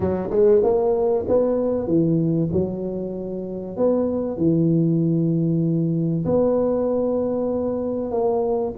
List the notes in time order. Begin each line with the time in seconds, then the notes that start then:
0.00 F#3
0.30 G#3
0.63 A#3
1.28 B3
1.87 E3
2.52 F#3
3.76 B3
4.37 E3
6.25 B3
8.11 A#3